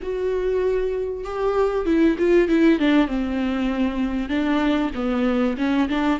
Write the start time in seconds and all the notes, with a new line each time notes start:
0.02 F#4
1.24 G4
1.85 E4
2.18 F4
2.48 E4
2.79 D4
3.07 C4
4.29 D4
4.94 B3
5.57 C#4
5.88 D4